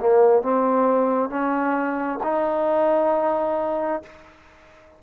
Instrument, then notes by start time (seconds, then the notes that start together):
trombone
0.00 A#3
0.42 C4
1.29 C#4
2.23 D#4